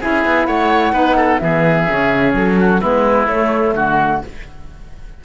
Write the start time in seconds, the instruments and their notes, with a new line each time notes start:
0.00 cello C#4, saxophone E4, oboe G#4, flute E5
0.25 cello B3
0.46 cello A3, oboe C#5, flute F#5
0.92 cello B3, saxophone D#4, oboe B4
1.16 oboe A4
1.38 cello E3, saxophone B3, oboe G#4, flute E5
1.88 cello C#3, saxophone C#4
2.34 cello F#3, flute A4
2.59 oboe F#4
2.80 cello G#3, saxophone B3, oboe E4, flute B4
3.27 cello A3, saxophone A3, flute C#5
3.75 cello D3, oboe F#4, flute F#5